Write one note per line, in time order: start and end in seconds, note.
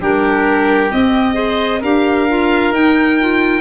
0.00 0.91 G3
0.00 0.90 D4
0.00 1.35 G4
0.00 0.91 A#4
0.90 1.34 C4
0.90 1.82 C4
0.90 1.82 D#5
1.34 1.79 G#4
1.34 1.80 C5
1.80 2.70 D4
1.80 2.28 G4
1.80 3.61 A#4
1.80 2.74 F5
2.28 2.73 F4
2.70 3.61 D#4
2.70 3.19 D#4
2.70 3.61 G5
3.20 3.61 F4